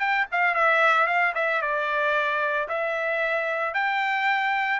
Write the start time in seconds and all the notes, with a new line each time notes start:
0.00 G5
0.32 F5
0.55 E5
1.07 F5
1.35 E5
1.62 D5
2.69 E5
3.75 G5